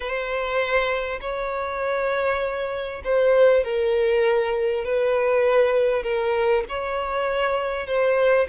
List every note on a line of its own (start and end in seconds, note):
0.00 1.19 C5
1.20 3.02 C#5
3.04 3.64 C5
3.64 4.84 A#4
4.84 6.03 B4
6.03 6.64 A#4
6.68 7.86 C#5
7.86 8.47 C5